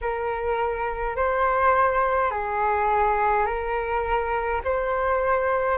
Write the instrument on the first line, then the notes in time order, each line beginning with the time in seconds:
flute
0.01 A#4
1.15 C5
2.31 G#4
3.46 A#4
4.64 C5